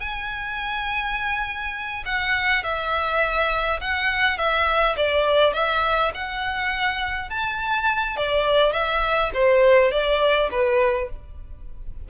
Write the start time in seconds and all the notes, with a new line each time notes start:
0.00 G#5
2.05 F#5
2.63 E5
3.80 F#5
4.37 E5
4.96 D5
5.53 E5
6.14 F#5
7.29 A5
8.16 D5
8.72 E5
9.34 C5
9.91 D5
10.51 B4